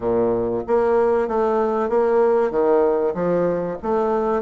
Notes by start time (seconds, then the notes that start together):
0.00 A#2
0.67 A#3
1.27 A3
1.89 A#3
2.50 D#3
3.14 F3
3.82 A3